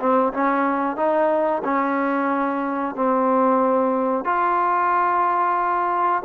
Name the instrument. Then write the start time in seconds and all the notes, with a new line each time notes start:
trombone
0.00 C4
0.34 C#4
0.97 D#4
1.65 C#4
2.96 C4
4.25 F4